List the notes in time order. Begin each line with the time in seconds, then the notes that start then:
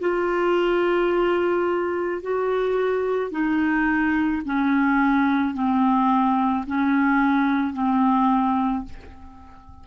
0.00 F4
2.22 F#4
3.32 D#4
4.45 C#4
5.55 C4
6.67 C#4
7.74 C4